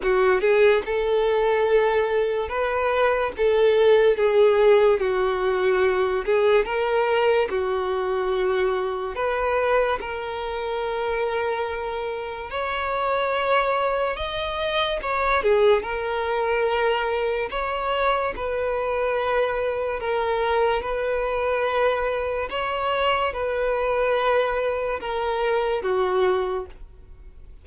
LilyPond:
\new Staff \with { instrumentName = "violin" } { \time 4/4 \tempo 4 = 72 fis'8 gis'8 a'2 b'4 | a'4 gis'4 fis'4. gis'8 | ais'4 fis'2 b'4 | ais'2. cis''4~ |
cis''4 dis''4 cis''8 gis'8 ais'4~ | ais'4 cis''4 b'2 | ais'4 b'2 cis''4 | b'2 ais'4 fis'4 | }